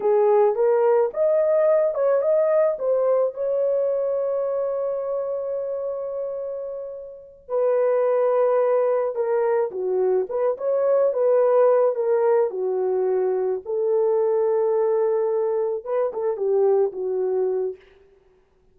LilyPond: \new Staff \with { instrumentName = "horn" } { \time 4/4 \tempo 4 = 108 gis'4 ais'4 dis''4. cis''8 | dis''4 c''4 cis''2~ | cis''1~ | cis''4. b'2~ b'8~ |
b'8 ais'4 fis'4 b'8 cis''4 | b'4. ais'4 fis'4.~ | fis'8 a'2.~ a'8~ | a'8 b'8 a'8 g'4 fis'4. | }